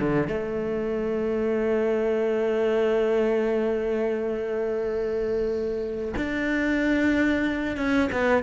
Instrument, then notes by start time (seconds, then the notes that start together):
cello
0.00 D3
0.28 A3
6.17 D4
7.77 C#4
8.13 B3